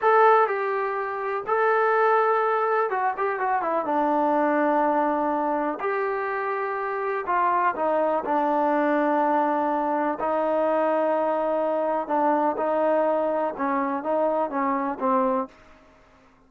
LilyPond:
\new Staff \with { instrumentName = "trombone" } { \time 4/4 \tempo 4 = 124 a'4 g'2 a'4~ | a'2 fis'8 g'8 fis'8 e'8 | d'1 | g'2. f'4 |
dis'4 d'2.~ | d'4 dis'2.~ | dis'4 d'4 dis'2 | cis'4 dis'4 cis'4 c'4 | }